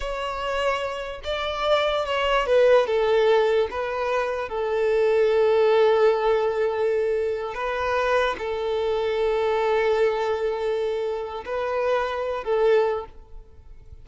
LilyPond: \new Staff \with { instrumentName = "violin" } { \time 4/4 \tempo 4 = 147 cis''2. d''4~ | d''4 cis''4 b'4 a'4~ | a'4 b'2 a'4~ | a'1~ |
a'2~ a'8 b'4.~ | b'8 a'2.~ a'8~ | a'1 | b'2~ b'8 a'4. | }